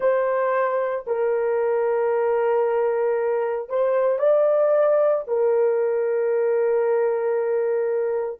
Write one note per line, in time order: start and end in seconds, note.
0.00 1.04 C5
1.06 3.69 A#4
3.69 4.18 C5
4.18 5.23 D5
5.27 8.39 A#4